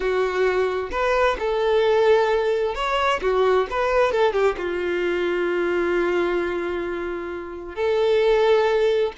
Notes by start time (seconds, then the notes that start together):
0.00 F#4
0.91 B4
1.39 A4
2.74 C#5
3.21 F#4
3.70 B4
4.12 A4
4.32 G4
4.57 F4
7.75 A4